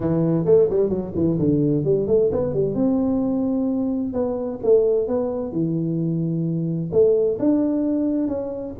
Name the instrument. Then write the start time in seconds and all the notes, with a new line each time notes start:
tuba
0.00 E3
0.45 A3
0.69 G3
0.89 F#3
1.15 E3
1.38 D3
1.84 G3
2.07 A3
2.31 B3
2.53 G3
2.74 C4
4.13 B3
4.63 A3
5.07 B3
5.52 E3
6.92 A3
7.39 D4
8.28 C#4